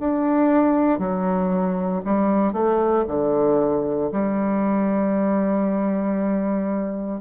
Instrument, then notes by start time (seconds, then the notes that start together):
bassoon
0.00 D4
0.99 F#3
2.05 G3
2.53 A3
3.08 D3
4.12 G3